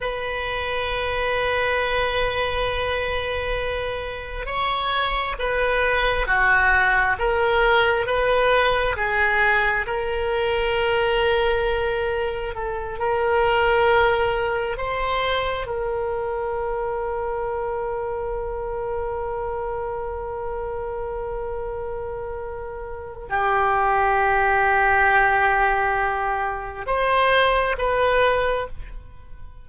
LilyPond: \new Staff \with { instrumentName = "oboe" } { \time 4/4 \tempo 4 = 67 b'1~ | b'4 cis''4 b'4 fis'4 | ais'4 b'4 gis'4 ais'4~ | ais'2 a'8 ais'4.~ |
ais'8 c''4 ais'2~ ais'8~ | ais'1~ | ais'2 g'2~ | g'2 c''4 b'4 | }